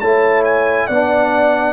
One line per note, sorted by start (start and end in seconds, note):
0.00 0.89 A3
0.00 0.91 E4
0.00 0.87 C#5
0.00 0.43 A5
0.44 0.87 G#5
0.87 1.74 B3
0.87 1.74 D4
0.87 1.74 D5
0.87 1.74 F#5